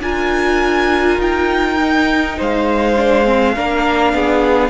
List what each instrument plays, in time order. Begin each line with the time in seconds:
0.00 cello D4, viola F4, violin A#4 G#5
1.18 cello D#4, violin G5
1.78 viola D#4
2.37 cello G#3, violin C5 F5
2.96 viola D4
3.25 viola C4
3.55 cello A#3, viola D4, violin A#4
4.13 cello B3, violin G#4